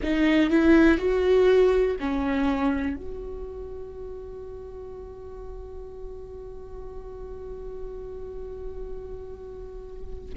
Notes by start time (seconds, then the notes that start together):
0.02 D#4
0.50 E4
0.97 F#4
1.99 C#4
2.96 F#4